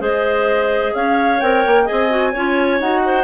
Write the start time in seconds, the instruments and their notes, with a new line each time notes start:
0.00 bassoon G#3, clarinet G#4 C5, flute D#5
0.95 bassoon C#4, clarinet C#5, flute F5
1.41 bassoon C4, clarinet A#4, flute G5
1.66 bassoon A#3
1.85 clarinet G#4 D#5, flute G#5
1.91 bassoon C4
2.10 clarinet F#4
2.32 bassoon C#4, clarinet F4 C#5
2.80 bassoon D#4, clarinet F#4, flute F#5
3.05 clarinet C5